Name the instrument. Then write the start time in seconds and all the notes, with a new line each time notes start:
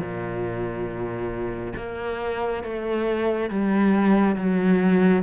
cello
0.00 A#2
1.76 A#3
2.64 A3
3.50 G3
4.36 F#3